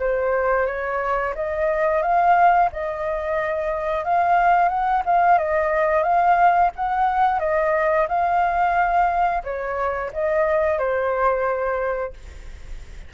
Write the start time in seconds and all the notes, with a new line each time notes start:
0.00 C5
0.67 C#5
1.35 D#5
2.03 F5
2.73 D#5
4.05 F5
4.69 F#5
5.06 F5
5.39 D#5
6.03 F5
6.76 F#5
7.40 D#5
8.09 F5
9.44 C#5
10.14 D#5
10.79 C5